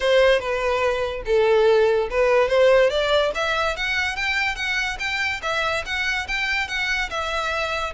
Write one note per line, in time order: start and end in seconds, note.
0.00 0.39 C5
0.39 1.22 B4
1.25 2.08 A4
2.10 2.48 B4
2.48 2.90 C5
2.90 3.31 D5
3.34 3.76 E5
3.76 4.16 F#5
4.16 4.55 G5
4.55 4.97 F#5
4.99 5.40 G5
5.42 5.84 E5
5.85 6.27 F#5
6.27 6.68 G5
6.68 7.09 F#5
7.09 7.93 E5